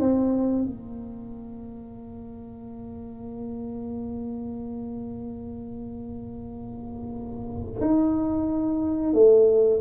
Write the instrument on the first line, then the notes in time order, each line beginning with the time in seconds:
tuba
0.00 C4
0.66 A#3
7.82 D#4
9.14 A3